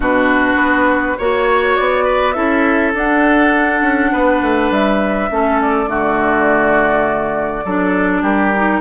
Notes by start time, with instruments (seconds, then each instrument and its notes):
0.00 bassoon B2, clarinet D4, oboe F#4, flute B4
0.55 bassoon B3
1.18 bassoon A#3, clarinet F#4, oboe C#5, flute C#5
1.76 bassoon B3, flute D5
2.04 oboe B4
2.32 bassoon C#4, clarinet E4, oboe A4, flute E5
2.94 bassoon D4, clarinet D4, flute F#5
3.81 bassoon C#4
4.12 bassoon B3, oboe B4
4.42 bassoon A3
4.70 bassoon G3, flute E5
5.30 bassoon A3, clarinet C#4, oboe A4
5.61 flute D5
5.86 bassoon D3, clarinet A3, oboe F#4
7.64 bassoon F#3, clarinet D4, oboe A4
8.22 bassoon G3, oboe G4, flute A#4
8.55 clarinet D#4